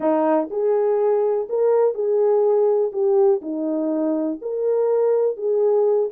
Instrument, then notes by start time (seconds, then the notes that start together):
horn
0.00 D#4
0.50 G#4
1.49 A#4
1.94 G#4
2.92 G4
3.41 D#4
4.41 A#4
5.36 G#4